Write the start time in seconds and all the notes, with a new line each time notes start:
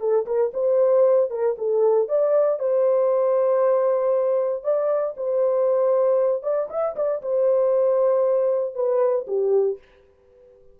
0.00 A4
0.26 A#4
0.54 C5
1.30 A#4
1.58 A4
2.08 D5
2.59 C5
4.63 D5
5.17 C5
6.43 D5
6.70 E5
6.96 D5
7.22 C5
8.75 B4
9.27 G4